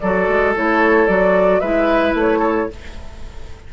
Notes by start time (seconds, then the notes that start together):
0.00 F#3 F#4 A4 D5
0.29 G#3
0.55 A3 E4 C#5
1.08 F#3 F#4 D5
1.60 G#3 E4 B4 E5
2.14 A3 C#5
2.39 A4